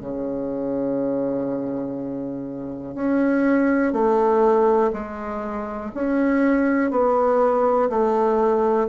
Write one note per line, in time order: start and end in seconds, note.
0.00 2.95 C#3
2.95 3.93 C#4
3.93 4.91 A3
4.93 5.91 G#3
5.94 6.90 C#4
6.90 7.89 B3
7.90 8.88 A3